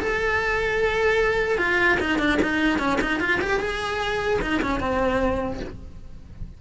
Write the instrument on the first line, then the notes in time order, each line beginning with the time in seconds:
cello
0.00 A4
1.58 F4
2.00 D#4
2.19 D4
2.42 D#4
2.79 C#4
3.01 D#4
3.20 F4
3.41 G4
3.60 G#4
4.42 D#4
4.62 C#4
4.80 C4